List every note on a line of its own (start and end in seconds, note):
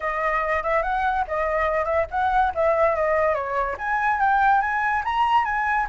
0.00 0.63 D#5
0.63 0.82 E5
0.82 1.24 F#5
1.27 1.85 D#5
1.85 2.06 E5
2.10 2.52 F#5
2.54 2.95 E5
2.95 3.34 D#5
3.34 3.76 C#5
3.78 4.20 G#5
4.20 4.61 G5
4.61 5.03 G#5
5.04 5.45 A#5
5.45 5.86 G#5